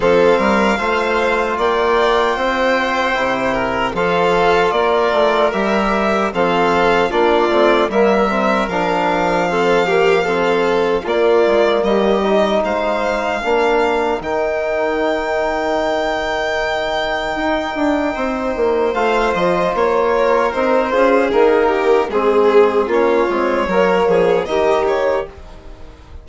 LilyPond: <<
  \new Staff \with { instrumentName = "violin" } { \time 4/4 \tempo 4 = 76 f''2 g''2~ | g''4 f''4 d''4 e''4 | f''4 d''4 e''4 f''4~ | f''2 d''4 dis''4 |
f''2 g''2~ | g''1 | f''8 dis''8 cis''4 c''4 ais'4 | gis'4 cis''2 dis''8 cis''8 | }
  \new Staff \with { instrumentName = "violin" } { \time 4/4 a'8 ais'8 c''4 d''4 c''4~ | c''8 ais'8 a'4 ais'2 | a'4 f'4 ais'2 | a'8 g'8 a'4 f'4 g'4 |
c''4 ais'2.~ | ais'2. c''4~ | c''4. ais'4 gis'4 g'8 | gis'4 f'4 ais'8 gis'8 g'4 | }
  \new Staff \with { instrumentName = "trombone" } { \time 4/4 c'4 f'2. | e'4 f'2 g'4 | c'4 d'8 c'8 ais8 c'8 d'4 | c'8 ais8 c'4 ais4. dis'8~ |
dis'4 d'4 dis'2~ | dis'1 | f'2 dis'8 f'8 ais4 | c'4 cis'8 c'8 ais4 dis'4 | }
  \new Staff \with { instrumentName = "bassoon" } { \time 4/4 f8 g8 a4 ais4 c'4 | c4 f4 ais8 a8 g4 | f4 ais8 a8 g4 f4~ | f2 ais8 gis8 g4 |
gis4 ais4 dis2~ | dis2 dis'8 d'8 c'8 ais8 | a8 f8 ais4 c'8 cis'8 dis'4 | gis4 ais8 gis8 fis8 f8 dis4 | }
>>